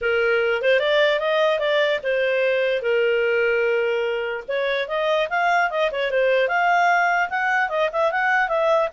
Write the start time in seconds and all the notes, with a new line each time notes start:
0.01 A#4
0.62 C5
0.79 D5
1.19 D#5
1.59 D5
2.03 C5
2.82 A#4
4.48 C#5
4.88 D#5
5.29 F5
5.70 D#5
5.91 C#5
6.10 C5
6.48 F5
7.29 F#5
7.69 D#5
7.92 E5
8.11 F#5
8.48 E5